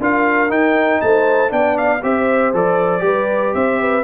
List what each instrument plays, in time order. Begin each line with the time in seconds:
0.00 tuba D4, trombone F4, horn A#4, trumpet F5
0.48 trombone D#4, tuba D#4, trumpet G5
1.01 tuba A3, horn C5, trumpet A5
1.49 tuba B3, trombone D4, horn D5, trumpet G5
1.77 trumpet F5
2.02 tuba C4, trombone G4, horn C5, trumpet E5
2.53 tuba F3, trombone A4, trumpet D5
2.99 tuba G3, trombone G4, horn B4
3.54 tuba C4, horn C5, trumpet E5
3.80 horn B4